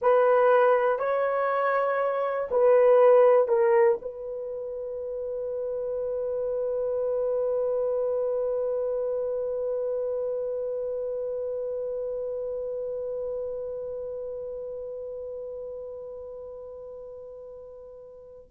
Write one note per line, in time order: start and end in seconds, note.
0.01 0.99 B4
0.99 2.49 C#5
2.50 3.48 B4
3.48 3.98 A#4
4.01 18.50 B4